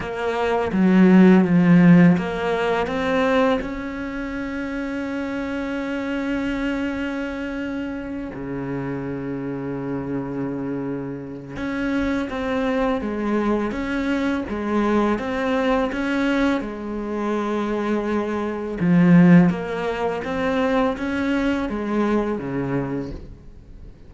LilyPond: \new Staff \with { instrumentName = "cello" } { \time 4/4 \tempo 4 = 83 ais4 fis4 f4 ais4 | c'4 cis'2.~ | cis'2.~ cis'8 cis8~ | cis1 |
cis'4 c'4 gis4 cis'4 | gis4 c'4 cis'4 gis4~ | gis2 f4 ais4 | c'4 cis'4 gis4 cis4 | }